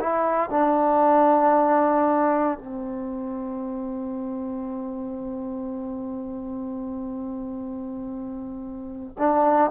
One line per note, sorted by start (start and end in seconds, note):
0.00 0.50 E4
0.50 2.58 D4
2.58 9.16 C4
9.18 9.71 D4